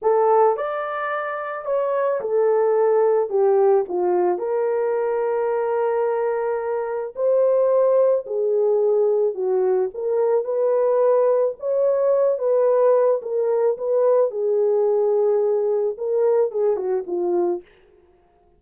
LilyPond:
\new Staff \with { instrumentName = "horn" } { \time 4/4 \tempo 4 = 109 a'4 d''2 cis''4 | a'2 g'4 f'4 | ais'1~ | ais'4 c''2 gis'4~ |
gis'4 fis'4 ais'4 b'4~ | b'4 cis''4. b'4. | ais'4 b'4 gis'2~ | gis'4 ais'4 gis'8 fis'8 f'4 | }